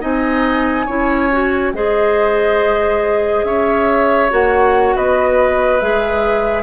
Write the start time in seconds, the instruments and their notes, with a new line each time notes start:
0.00 bassoon C4, clarinet D#4, oboe D#5, flute G#5
0.85 bassoon C#4, clarinet E4, oboe C#5
1.32 clarinet F#4
1.72 bassoon G#3, clarinet G#4, oboe C5, flute D#5
3.43 bassoon C#4, oboe C#5, flute E5
4.29 bassoon A#3, clarinet F#4, flute F#5
4.95 bassoon B3, oboe B4, flute D#5
5.79 bassoon G#3, clarinet G#4, flute E5